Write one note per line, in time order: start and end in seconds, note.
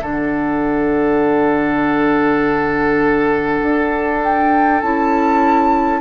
0.00 3.60 D3
0.00 4.81 D4
0.00 6.01 A4
0.00 4.22 F#5
3.63 4.82 D4
4.22 4.82 G5
4.82 6.01 C#4
4.82 6.01 E4
4.82 6.01 A5